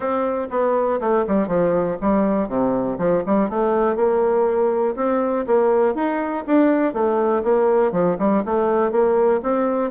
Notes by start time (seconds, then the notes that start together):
0.00 C4
0.50 B3
1.00 A3
1.27 G3
1.47 F3
2.01 G3
2.48 C3
2.98 F3
3.25 G3
3.49 A3
3.96 A#3
4.96 C4
5.47 A#3
5.94 D#4
6.47 D4
6.93 A3
7.43 A#3
7.91 F3
8.18 G3
8.45 A3
8.91 A#3
9.43 C4